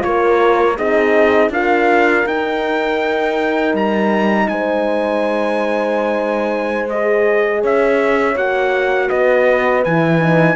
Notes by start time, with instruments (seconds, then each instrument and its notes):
0.00 cello A#3, horn F4 A#4, trumpet C#5
0.77 cello C4, horn D#4 G#4, trumpet D#5
1.49 cello D4, horn F4 A#4, trumpet F5
2.26 cello D#4, horn D#4, trumpet G5
3.73 cello G3, trumpet A#5
4.48 cello G#3, horn C5, trumpet G#5
6.90 horn G#4, trumpet D#5
7.60 cello C#4, horn C#5, trumpet E5
8.35 cello A#3, horn F#4, trumpet F#5
9.08 cello B3, horn B4, trumpet D#5
9.84 cello E3, horn E4, trumpet G#5
10.20 horn D#4